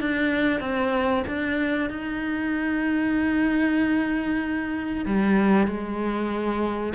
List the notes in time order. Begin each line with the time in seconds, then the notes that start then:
0.00 D4
0.60 C4
1.27 D4
1.89 D#4
5.05 G3
5.67 G#3